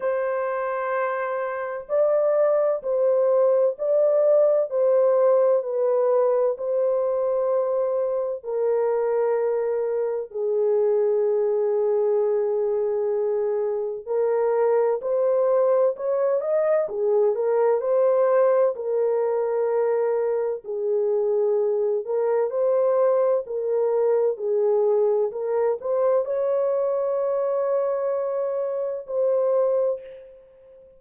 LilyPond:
\new Staff \with { instrumentName = "horn" } { \time 4/4 \tempo 4 = 64 c''2 d''4 c''4 | d''4 c''4 b'4 c''4~ | c''4 ais'2 gis'4~ | gis'2. ais'4 |
c''4 cis''8 dis''8 gis'8 ais'8 c''4 | ais'2 gis'4. ais'8 | c''4 ais'4 gis'4 ais'8 c''8 | cis''2. c''4 | }